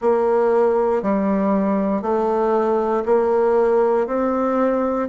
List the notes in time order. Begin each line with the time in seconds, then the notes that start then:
0.00 A#3
1.02 G3
2.02 A3
3.05 A#3
4.07 C4